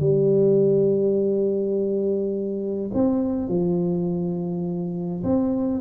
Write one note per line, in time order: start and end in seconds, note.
0.00 2.91 G3
2.94 3.48 C4
3.48 5.23 F3
5.23 5.81 C4